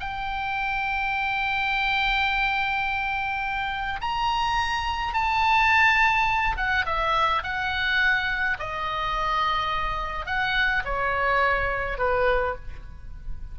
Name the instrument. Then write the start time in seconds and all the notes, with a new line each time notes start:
oboe
0.00 G5
4.01 A#5
5.14 A5
6.57 F#5
6.85 E5
7.43 F#5
8.59 D#5
10.26 F#5
10.85 C#5
11.98 B4